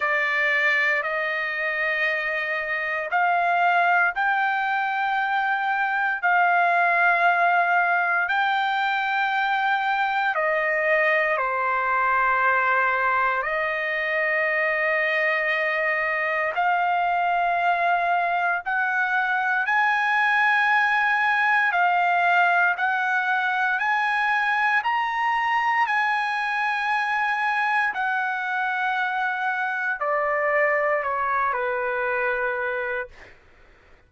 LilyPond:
\new Staff \with { instrumentName = "trumpet" } { \time 4/4 \tempo 4 = 58 d''4 dis''2 f''4 | g''2 f''2 | g''2 dis''4 c''4~ | c''4 dis''2. |
f''2 fis''4 gis''4~ | gis''4 f''4 fis''4 gis''4 | ais''4 gis''2 fis''4~ | fis''4 d''4 cis''8 b'4. | }